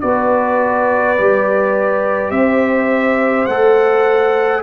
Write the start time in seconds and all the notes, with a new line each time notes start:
0.00 B3 F#4 B4 D5
1.18 G3 G4
2.31 C4 C5 E5
3.46 A3 A4 F#5